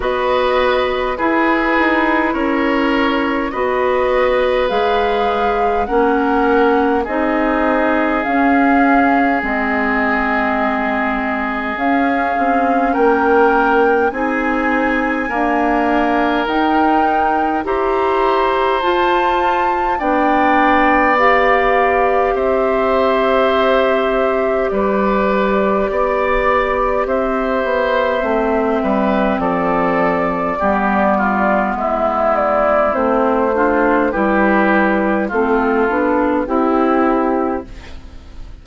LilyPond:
<<
  \new Staff \with { instrumentName = "flute" } { \time 4/4 \tempo 4 = 51 dis''4 b'4 cis''4 dis''4 | f''4 fis''4 dis''4 f''4 | dis''2 f''4 g''4 | gis''2 g''4 ais''4 |
a''4 g''4 f''4 e''4~ | e''4 d''2 e''4~ | e''4 d''2 e''8 d''8 | c''4 b'4 a'4 g'4 | }
  \new Staff \with { instrumentName = "oboe" } { \time 4/4 b'4 gis'4 ais'4 b'4~ | b'4 ais'4 gis'2~ | gis'2. ais'4 | gis'4 ais'2 c''4~ |
c''4 d''2 c''4~ | c''4 b'4 d''4 c''4~ | c''8 b'8 a'4 g'8 f'8 e'4~ | e'8 f'8 g'4 f'4 e'4 | }
  \new Staff \with { instrumentName = "clarinet" } { \time 4/4 fis'4 e'2 fis'4 | gis'4 cis'4 dis'4 cis'4 | c'2 cis'2 | dis'4 ais4 dis'4 g'4 |
f'4 d'4 g'2~ | g'1 | c'2 b2 | c'8 d'8 e'4 c'8 d'8 e'4 | }
  \new Staff \with { instrumentName = "bassoon" } { \time 4/4 b4 e'8 dis'8 cis'4 b4 | gis4 ais4 c'4 cis'4 | gis2 cis'8 c'8 ais4 | c'4 d'4 dis'4 e'4 |
f'4 b2 c'4~ | c'4 g4 b4 c'8 b8 | a8 g8 f4 g4 gis4 | a4 g4 a8 b8 c'4 | }
>>